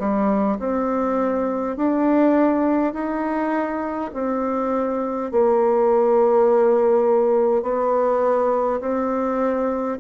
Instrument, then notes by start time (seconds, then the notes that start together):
bassoon
0.00 G3
0.59 C4
1.77 D4
2.94 D#4
4.14 C4
5.32 A#3
7.63 B3
8.81 C4